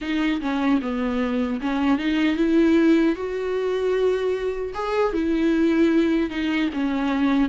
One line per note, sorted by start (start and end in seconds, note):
0.01 0.40 D#4
0.41 0.80 C#4
0.81 1.60 B3
1.60 1.98 C#4
1.98 2.36 D#4
2.36 3.15 E4
3.15 4.73 F#4
4.74 5.13 G#4
5.13 6.30 E4
6.30 6.69 D#4
6.73 7.49 C#4